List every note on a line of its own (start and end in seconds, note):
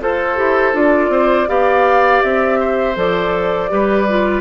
0.00 0.38 F4
0.00 0.36 A4
0.00 1.11 A4
0.00 0.76 C5
0.36 0.73 E4
0.36 0.73 G4
0.73 1.09 D4
0.73 1.47 F4
0.73 1.49 D5
1.09 1.46 C4
1.09 1.48 C5
1.47 2.22 B3
1.47 2.95 G4
1.47 2.59 D5
1.47 2.22 F5
2.22 2.96 C4
2.22 2.96 E5
2.59 3.71 C5
2.96 3.70 F3
2.96 3.69 A4
2.96 4.41 D5
3.69 4.41 G3
3.69 4.06 G4
3.69 4.41 B4
4.09 4.41 F4